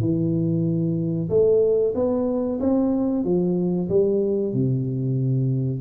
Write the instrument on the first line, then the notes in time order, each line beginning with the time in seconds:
tuba
0.00 E3
1.29 A3
1.95 B3
2.60 C4
3.24 F3
3.89 G3
4.53 C3